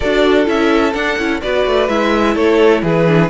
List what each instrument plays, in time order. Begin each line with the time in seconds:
0.00 cello D4, viola F#4, violin A4 D5
0.45 cello C#4, viola E4, violin E5
0.93 cello D4, viola D4, violin F#5
1.18 cello C#4, viola E4
1.41 cello B3, viola F#4, violin B4 D5
1.66 cello A3
1.88 cello G#3, viola E4, violin E5
2.34 cello A3, violin A4 C#5
2.82 cello E3, violin G#4 B4
3.07 viola D4